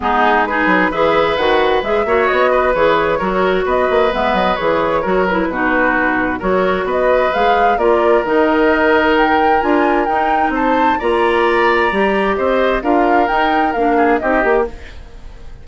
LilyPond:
<<
  \new Staff \with { instrumentName = "flute" } { \time 4/4 \tempo 4 = 131 gis'4 b'4 e''4 fis''4 | e''4 dis''4 cis''2 | dis''4 e''8 dis''8 cis''4. b'8~ | b'2 cis''4 dis''4 |
f''4 d''4 dis''2 | g''4 gis''4 g''4 a''4 | ais''2. dis''4 | f''4 g''4 f''4 dis''4 | }
  \new Staff \with { instrumentName = "oboe" } { \time 4/4 dis'4 gis'4 b'2~ | b'8 cis''4 b'4. ais'4 | b'2. ais'4 | fis'2 ais'4 b'4~ |
b'4 ais'2.~ | ais'2. c''4 | d''2. c''4 | ais'2~ ais'8 gis'8 g'4 | }
  \new Staff \with { instrumentName = "clarinet" } { \time 4/4 b4 dis'4 gis'4 fis'4 | gis'8 fis'4. gis'4 fis'4~ | fis'4 b4 gis'4 fis'8 e'8 | dis'2 fis'2 |
gis'4 f'4 dis'2~ | dis'4 f'4 dis'2 | f'2 g'2 | f'4 dis'4 d'4 dis'8 g'8 | }
  \new Staff \with { instrumentName = "bassoon" } { \time 4/4 gis4. fis8 e4 dis4 | gis8 ais8 b4 e4 fis4 | b8 ais8 gis8 fis8 e4 fis4 | b,2 fis4 b4 |
gis4 ais4 dis2~ | dis4 d'4 dis'4 c'4 | ais2 g4 c'4 | d'4 dis'4 ais4 c'8 ais8 | }
>>